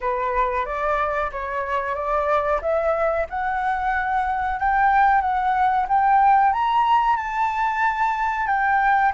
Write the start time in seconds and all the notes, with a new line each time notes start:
0.01 B4
0.65 D5
1.31 C#5
1.95 D5
2.61 E5
3.29 F#5
4.59 G5
5.21 F#5
5.88 G5
6.52 A#5
7.16 A5
8.46 G5